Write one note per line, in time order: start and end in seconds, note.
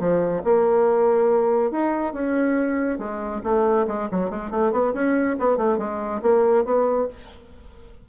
0.00 0.43 F3
0.44 1.71 A#3
1.71 2.14 D#4
2.14 2.99 C#4
2.99 3.41 G#3
3.44 3.87 A3
3.88 4.09 G#3
4.11 4.30 F#3
4.30 4.51 G#3
4.51 4.72 A3
4.72 4.94 B3
4.94 5.37 C#4
5.39 5.58 B3
5.58 5.79 A3
5.79 6.21 G#3
6.22 6.65 A#3
6.65 7.08 B3